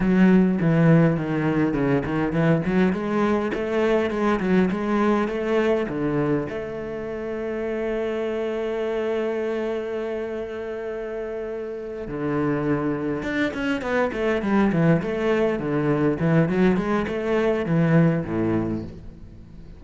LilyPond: \new Staff \with { instrumentName = "cello" } { \time 4/4 \tempo 4 = 102 fis4 e4 dis4 cis8 dis8 | e8 fis8 gis4 a4 gis8 fis8 | gis4 a4 d4 a4~ | a1~ |
a1~ | a8 d2 d'8 cis'8 b8 | a8 g8 e8 a4 d4 e8 | fis8 gis8 a4 e4 a,4 | }